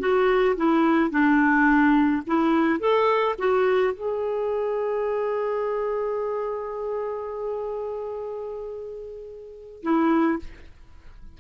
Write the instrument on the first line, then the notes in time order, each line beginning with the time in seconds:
clarinet
0.00 F#4
0.57 E4
1.11 D4
2.27 E4
2.80 A4
3.39 F#4
3.94 G#4
9.83 E4